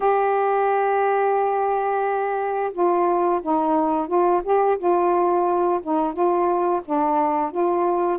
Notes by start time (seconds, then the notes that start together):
0.00 G4
2.72 F4
3.42 D#4
4.07 F4
4.43 G4
4.78 F4
5.83 D#4
6.13 F4
6.85 D4
7.51 F4